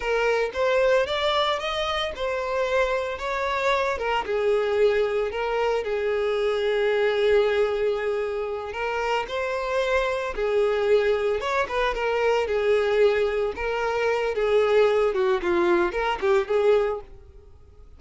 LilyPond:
\new Staff \with { instrumentName = "violin" } { \time 4/4 \tempo 4 = 113 ais'4 c''4 d''4 dis''4 | c''2 cis''4. ais'8 | gis'2 ais'4 gis'4~ | gis'1~ |
gis'8 ais'4 c''2 gis'8~ | gis'4. cis''8 b'8 ais'4 gis'8~ | gis'4. ais'4. gis'4~ | gis'8 fis'8 f'4 ais'8 g'8 gis'4 | }